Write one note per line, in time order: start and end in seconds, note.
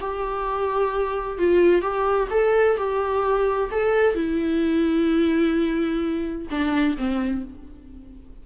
0.00 1.38 G4
1.38 1.81 F4
1.81 2.28 G4
2.30 2.77 A4
2.77 3.70 G4
3.71 4.14 A4
4.14 6.47 E4
6.50 6.96 D4
6.97 7.44 C4